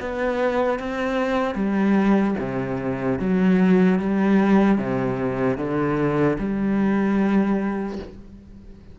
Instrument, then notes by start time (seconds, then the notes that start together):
cello
0.00 B3
0.80 C4
1.55 G3
2.40 C3
3.19 F#3
3.99 G3
4.78 C3
5.58 D3
6.39 G3